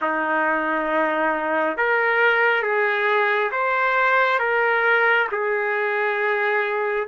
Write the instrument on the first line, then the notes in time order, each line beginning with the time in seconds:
trumpet
0.01 D#4
1.77 A#4
2.62 G#4
3.51 C5
4.39 A#4
5.31 G#4